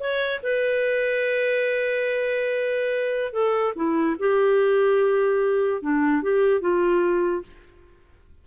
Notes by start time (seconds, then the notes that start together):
0.00 C#5
0.43 B4
3.33 A4
3.76 E4
4.19 G4
5.82 D4
6.23 G4
6.61 F4